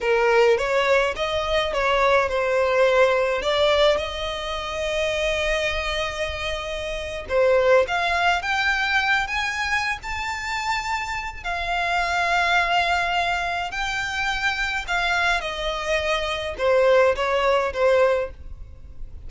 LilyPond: \new Staff \with { instrumentName = "violin" } { \time 4/4 \tempo 4 = 105 ais'4 cis''4 dis''4 cis''4 | c''2 d''4 dis''4~ | dis''1~ | dis''8. c''4 f''4 g''4~ g''16~ |
g''16 gis''4~ gis''16 a''2~ a''8 | f''1 | g''2 f''4 dis''4~ | dis''4 c''4 cis''4 c''4 | }